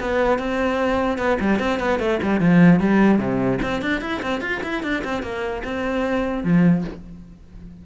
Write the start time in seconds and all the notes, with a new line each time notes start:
0.00 B3
0.38 C4
1.18 B3
1.40 G3
1.59 C4
1.79 B3
1.99 A3
2.22 G3
2.40 F3
2.79 G3
3.18 C3
3.62 C4
3.81 D4
4.01 E4
4.22 C4
4.41 F4
4.63 E4
4.83 D4
5.04 C4
5.22 A#3
5.64 C4
6.44 F3